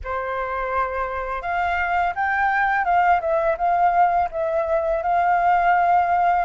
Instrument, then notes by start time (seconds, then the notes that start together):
flute
0.04 C5
1.42 F5
2.15 G5
2.84 F5
3.20 E5
3.57 F5
4.31 E5
5.03 F5